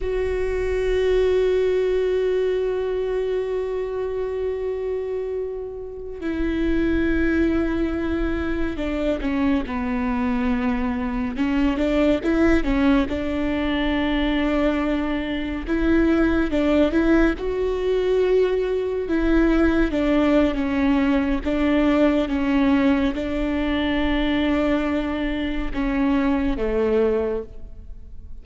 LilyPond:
\new Staff \with { instrumentName = "viola" } { \time 4/4 \tempo 4 = 70 fis'1~ | fis'2.~ fis'16 e'8.~ | e'2~ e'16 d'8 cis'8 b8.~ | b4~ b16 cis'8 d'8 e'8 cis'8 d'8.~ |
d'2~ d'16 e'4 d'8 e'16~ | e'16 fis'2 e'4 d'8. | cis'4 d'4 cis'4 d'4~ | d'2 cis'4 a4 | }